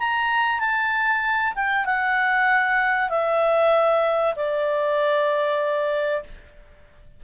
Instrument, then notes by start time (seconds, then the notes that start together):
clarinet
0.00 A#5
0.61 A5
1.56 G5
1.86 F#5
3.10 E5
4.36 D5